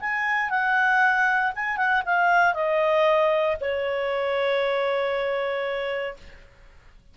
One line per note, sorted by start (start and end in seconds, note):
0.00 0.50 G#5
0.50 1.52 F#5
1.55 1.77 G#5
1.77 2.02 F#5
2.05 2.54 F5
2.54 3.56 D#5
3.60 6.17 C#5